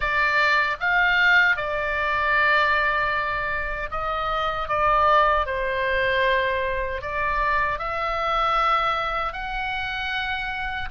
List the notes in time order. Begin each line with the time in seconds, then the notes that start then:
0.00 D5
0.80 F5
1.56 D5
3.91 D#5
4.68 D5
5.45 C5
7.01 D5
7.79 E5
9.33 F#5